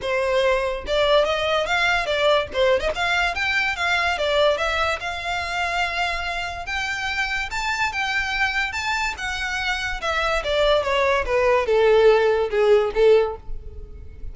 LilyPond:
\new Staff \with { instrumentName = "violin" } { \time 4/4 \tempo 4 = 144 c''2 d''4 dis''4 | f''4 d''4 c''8. dis''16 f''4 | g''4 f''4 d''4 e''4 | f''1 |
g''2 a''4 g''4~ | g''4 a''4 fis''2 | e''4 d''4 cis''4 b'4 | a'2 gis'4 a'4 | }